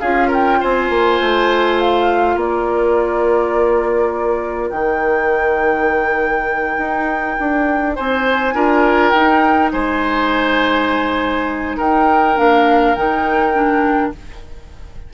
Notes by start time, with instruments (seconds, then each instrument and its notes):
0.00 bassoon C#4, clarinet F4, oboe G#4, flute F5
0.28 oboe A#4, flute G5
0.61 bassoon C4, oboe C5, flute G#5
0.90 bassoon A#3
1.21 bassoon A3
1.80 flute F5
2.36 bassoon A#3, oboe A#4, flute D5
4.70 bassoon D#3, clarinet D#4, flute G5
6.78 bassoon D#4
7.40 bassoon D4
7.96 bassoon C4, oboe C5, flute G#5
8.54 bassoon D4, clarinet F4, oboe A#4
9.11 bassoon D#4, clarinet D#4, flute G5
9.72 bassoon G#3, oboe C5, flute G#5
11.77 bassoon D#4, oboe A#4, flute G5
12.37 bassoon A#3, clarinet D4, flute F5
12.95 bassoon D#3, clarinet D#4, flute G5
13.54 clarinet D4